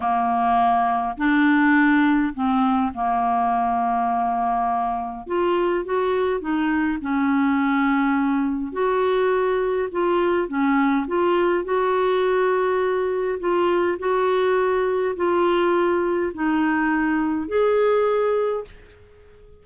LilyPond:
\new Staff \with { instrumentName = "clarinet" } { \time 4/4 \tempo 4 = 103 ais2 d'2 | c'4 ais2.~ | ais4 f'4 fis'4 dis'4 | cis'2. fis'4~ |
fis'4 f'4 cis'4 f'4 | fis'2. f'4 | fis'2 f'2 | dis'2 gis'2 | }